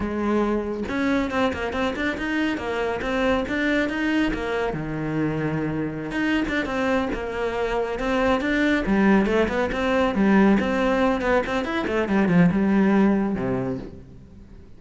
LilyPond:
\new Staff \with { instrumentName = "cello" } { \time 4/4 \tempo 4 = 139 gis2 cis'4 c'8 ais8 | c'8 d'8 dis'4 ais4 c'4 | d'4 dis'4 ais4 dis4~ | dis2~ dis16 dis'8. d'8 c'8~ |
c'8 ais2 c'4 d'8~ | d'8 g4 a8 b8 c'4 g8~ | g8 c'4. b8 c'8 e'8 a8 | g8 f8 g2 c4 | }